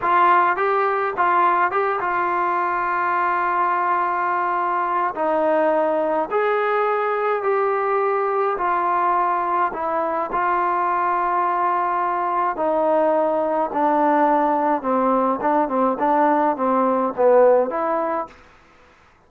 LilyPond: \new Staff \with { instrumentName = "trombone" } { \time 4/4 \tempo 4 = 105 f'4 g'4 f'4 g'8 f'8~ | f'1~ | f'4 dis'2 gis'4~ | gis'4 g'2 f'4~ |
f'4 e'4 f'2~ | f'2 dis'2 | d'2 c'4 d'8 c'8 | d'4 c'4 b4 e'4 | }